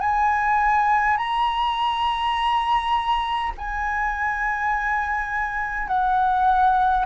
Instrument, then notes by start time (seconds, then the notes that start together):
flute
0.00 G#5
1.17 A#5
3.57 G#5
5.87 F#5